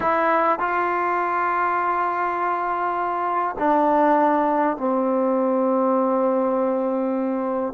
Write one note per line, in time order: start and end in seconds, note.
0.00 0.59 E4
0.59 3.56 F4
3.58 4.77 D4
4.77 7.73 C4